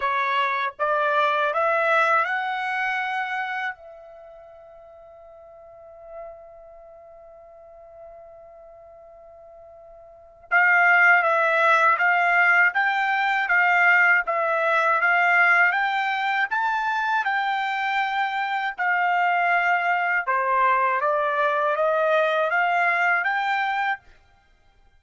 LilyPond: \new Staff \with { instrumentName = "trumpet" } { \time 4/4 \tempo 4 = 80 cis''4 d''4 e''4 fis''4~ | fis''4 e''2.~ | e''1~ | e''2 f''4 e''4 |
f''4 g''4 f''4 e''4 | f''4 g''4 a''4 g''4~ | g''4 f''2 c''4 | d''4 dis''4 f''4 g''4 | }